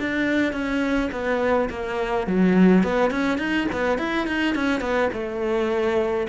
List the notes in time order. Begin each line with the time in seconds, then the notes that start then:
0.00 D4
0.53 C#4
1.12 B3
1.70 A#3
2.27 F#3
2.84 B3
3.11 C#4
3.38 D#4
3.72 B3
3.99 E4
4.27 D#4
4.55 C#4
4.81 B3
5.13 A3